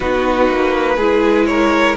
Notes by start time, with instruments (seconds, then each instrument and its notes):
0.00 cello B3, viola D#4, violin F#4 B4
0.49 cello A#3
0.96 cello G#3, viola E4, violin G#4
1.45 violin A#4 C#5